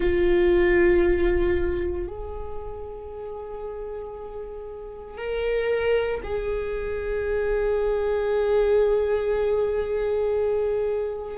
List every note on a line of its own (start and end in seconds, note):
0.00 2.07 F4
2.07 5.17 G#4
5.17 6.21 A#4
6.23 11.37 G#4